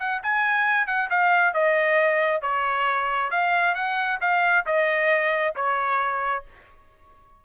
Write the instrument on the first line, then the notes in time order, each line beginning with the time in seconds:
trumpet
0.00 F#5
0.23 G#5
0.87 F#5
1.10 F5
1.54 D#5
2.42 C#5
3.31 F5
3.75 F#5
4.21 F5
4.66 D#5
5.56 C#5